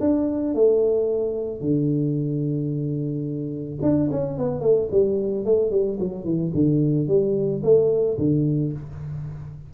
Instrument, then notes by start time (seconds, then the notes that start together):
tuba
0.00 D4
0.55 A3
1.61 D3
3.82 D4
4.12 C#4
4.38 B3
4.61 A3
4.92 G3
5.45 A3
5.71 G3
6.00 F#3
6.25 E3
6.54 D3
7.08 G3
7.63 A3
8.18 D3